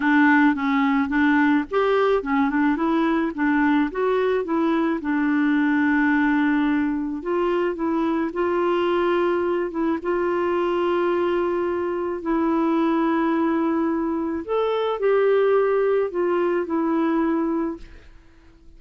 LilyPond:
\new Staff \with { instrumentName = "clarinet" } { \time 4/4 \tempo 4 = 108 d'4 cis'4 d'4 g'4 | cis'8 d'8 e'4 d'4 fis'4 | e'4 d'2.~ | d'4 f'4 e'4 f'4~ |
f'4. e'8 f'2~ | f'2 e'2~ | e'2 a'4 g'4~ | g'4 f'4 e'2 | }